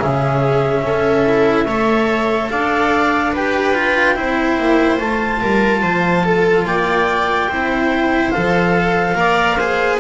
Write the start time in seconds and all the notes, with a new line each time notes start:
0.00 C#3 C#4 G#4 E5
0.82 C#4 A4
1.25 E4
1.66 A3 A4 C#5
2.50 D4 D5 F5
3.33 G4 B4 G5
3.74 F4
4.15 C4 E4 C5
4.59 A#3
5.00 A3 F4 A5
5.42 G3 A#4
5.82 F3 C5
6.25 A4
6.65 A#3 D5 G5
7.49 C4 E4 C5
8.30 F3 A4 F5
9.14 A#3 A#4 D5
9.57 G#4 C5